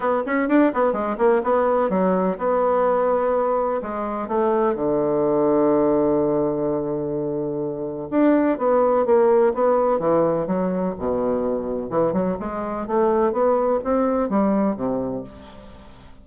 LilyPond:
\new Staff \with { instrumentName = "bassoon" } { \time 4/4 \tempo 4 = 126 b8 cis'8 d'8 b8 gis8 ais8 b4 | fis4 b2. | gis4 a4 d2~ | d1~ |
d4 d'4 b4 ais4 | b4 e4 fis4 b,4~ | b,4 e8 fis8 gis4 a4 | b4 c'4 g4 c4 | }